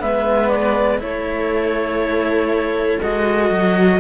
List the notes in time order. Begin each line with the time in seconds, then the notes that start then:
0.00 G#3 B3 B4 E5
0.49 D5
0.99 A3 E4 A4 C#5
3.02 G#3 F#4 D#5
3.50 F#3